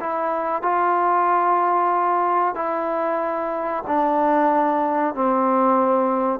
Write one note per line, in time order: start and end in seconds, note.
0.00 0.62 E4
0.62 2.55 F4
2.55 3.84 E4
3.87 5.14 D4
5.14 6.40 C4